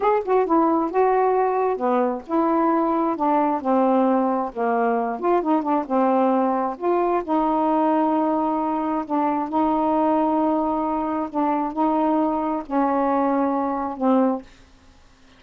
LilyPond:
\new Staff \with { instrumentName = "saxophone" } { \time 4/4 \tempo 4 = 133 gis'8 fis'8 e'4 fis'2 | b4 e'2 d'4 | c'2 ais4. f'8 | dis'8 d'8 c'2 f'4 |
dis'1 | d'4 dis'2.~ | dis'4 d'4 dis'2 | cis'2. c'4 | }